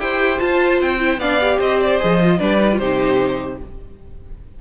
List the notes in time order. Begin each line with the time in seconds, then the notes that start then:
0.00 E4 G4 C5 G5
0.39 F4 A5
0.82 C4 G5
1.00 E4
1.18 B3 D4 D5 F5
1.41 G4
1.59 C4 C5 D#5
1.81 D5
2.00 F3 G#4 D#5
2.21 F4
2.39 G3 D4 B4 D5
2.60 D#4
2.73 F4 C5
2.79 C3 D#4 G4